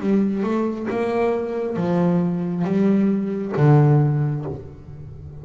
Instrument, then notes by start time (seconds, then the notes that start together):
double bass
0.00 G3
0.43 A3
0.90 A#3
1.76 F3
2.64 G3
3.57 D3